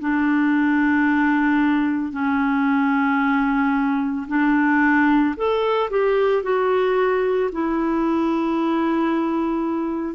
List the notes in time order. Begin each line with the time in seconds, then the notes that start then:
0.00 D4
2.12 C#4
4.28 D4
5.36 A4
5.90 G4
6.43 F#4
7.52 E4